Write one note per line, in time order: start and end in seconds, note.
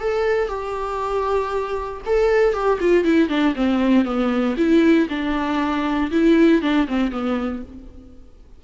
0.00 0.49 A4
0.49 2.01 G4
2.06 2.54 A4
2.54 2.79 G4
2.80 3.04 F4
3.04 3.29 E4
3.29 3.54 D4
3.55 4.05 C4
4.05 4.56 B3
4.57 5.08 E4
5.09 6.11 D4
6.11 6.62 E4
6.62 6.87 D4
6.88 7.12 C4
7.12 7.63 B3